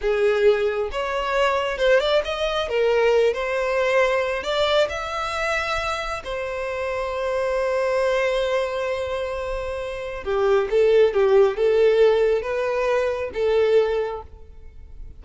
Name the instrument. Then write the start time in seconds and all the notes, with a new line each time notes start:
violin
0.01 G#4
0.91 C#5
1.78 C5
2.00 D5
2.24 D#5
2.68 A#4
3.33 C5
4.43 D5
4.89 E5
6.23 C5
10.24 G4
10.70 A4
11.13 G4
11.56 A4
12.42 B4
13.33 A4